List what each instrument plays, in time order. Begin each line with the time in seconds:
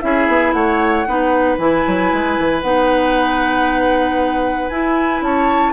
0.00 bassoon C#4, clarinet E4, oboe G#4, flute E5
0.28 bassoon B3
0.52 bassoon A3, oboe C#5, flute F#5
1.07 bassoon B3, clarinet D#4, oboe B4
1.58 bassoon E3, clarinet E4, flute G#5
1.87 bassoon F#3
2.12 bassoon G#3
2.38 bassoon E3
2.61 bassoon B3, clarinet D#4, flute F#5
4.69 bassoon E4, clarinet E4, flute G#5
5.21 bassoon C#4, oboe C#5, flute A5